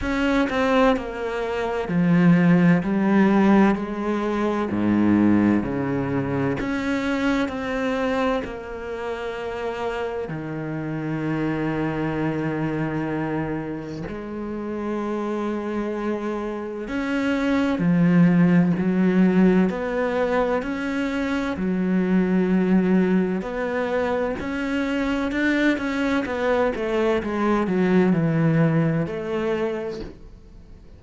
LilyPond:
\new Staff \with { instrumentName = "cello" } { \time 4/4 \tempo 4 = 64 cis'8 c'8 ais4 f4 g4 | gis4 gis,4 cis4 cis'4 | c'4 ais2 dis4~ | dis2. gis4~ |
gis2 cis'4 f4 | fis4 b4 cis'4 fis4~ | fis4 b4 cis'4 d'8 cis'8 | b8 a8 gis8 fis8 e4 a4 | }